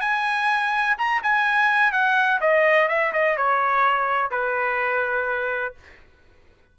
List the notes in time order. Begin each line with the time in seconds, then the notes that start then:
0.00 G#5
0.97 A#5
1.23 G#5
1.92 F#5
2.40 D#5
2.88 E5
3.12 D#5
3.36 C#5
4.30 B4